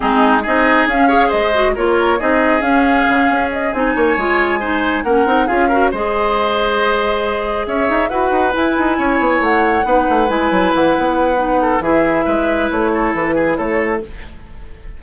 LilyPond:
<<
  \new Staff \with { instrumentName = "flute" } { \time 4/4 \tempo 4 = 137 gis'4 dis''4 f''4 dis''4 | cis''4 dis''4 f''2 | dis''8 gis''2. fis''8~ | fis''8 f''4 dis''2~ dis''8~ |
dis''4. e''4 fis''4 gis''8~ | gis''4. fis''2 gis''8~ | gis''8 fis''2~ fis''8 e''4~ | e''4 cis''4 b'4 cis''4 | }
  \new Staff \with { instrumentName = "oboe" } { \time 4/4 dis'4 gis'4. cis''8 c''4 | ais'4 gis'2.~ | gis'4 cis''4. c''4 ais'8~ | ais'8 gis'8 ais'8 c''2~ c''8~ |
c''4. cis''4 b'4.~ | b'8 cis''2 b'4.~ | b'2~ b'8 a'8 gis'4 | b'4. a'4 gis'8 a'4 | }
  \new Staff \with { instrumentName = "clarinet" } { \time 4/4 c'4 dis'4 cis'8 gis'4 fis'8 | f'4 dis'4 cis'2~ | cis'8 dis'4 f'4 dis'4 cis'8 | dis'8 f'8 fis'8 gis'2~ gis'8~ |
gis'2~ gis'8 fis'4 e'8~ | e'2~ e'8 dis'4 e'8~ | e'2 dis'4 e'4~ | e'1 | }
  \new Staff \with { instrumentName = "bassoon" } { \time 4/4 gis4 c'4 cis'4 gis4 | ais4 c'4 cis'4 cis8 cis'8~ | cis'8 c'8 ais8 gis2 ais8 | c'8 cis'4 gis2~ gis8~ |
gis4. cis'8 dis'8 e'8 dis'8 e'8 | dis'8 cis'8 b8 a4 b8 a8 gis8 | fis8 e8 b2 e4 | gis4 a4 e4 a4 | }
>>